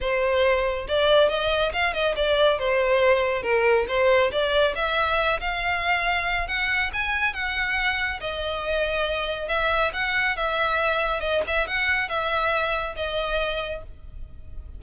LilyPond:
\new Staff \with { instrumentName = "violin" } { \time 4/4 \tempo 4 = 139 c''2 d''4 dis''4 | f''8 dis''8 d''4 c''2 | ais'4 c''4 d''4 e''4~ | e''8 f''2~ f''8 fis''4 |
gis''4 fis''2 dis''4~ | dis''2 e''4 fis''4 | e''2 dis''8 e''8 fis''4 | e''2 dis''2 | }